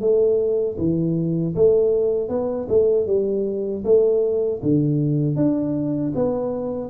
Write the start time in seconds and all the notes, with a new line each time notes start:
0.00 A3
0.78 E3
1.55 A3
2.29 B3
2.69 A3
3.06 G3
3.84 A3
4.62 D3
5.36 D4
6.15 B3